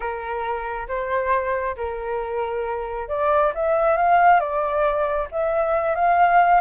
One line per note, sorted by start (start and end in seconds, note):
0.00 0.87 A#4
0.87 1.76 C5
1.76 3.08 A#4
3.08 3.52 D5
3.55 3.96 E5
3.96 4.39 F5
4.39 5.28 D5
5.31 5.95 E5
5.95 6.60 F5